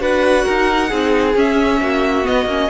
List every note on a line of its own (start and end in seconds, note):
0.00 0.45 D4
0.00 0.90 F#4
0.00 0.45 B4
0.00 1.36 F#5
0.45 0.92 D#4
0.45 0.90 A#4
0.90 1.36 C4
0.90 1.35 D#4
0.90 1.79 G#4
1.36 2.24 C#4
1.36 1.81 C#4
1.36 2.27 E5
1.81 2.26 A#3
1.81 2.71 F#4
2.24 2.47 B3
2.24 2.46 B3
2.24 2.71 D#5
2.46 2.68 A#3
2.46 2.71 C#4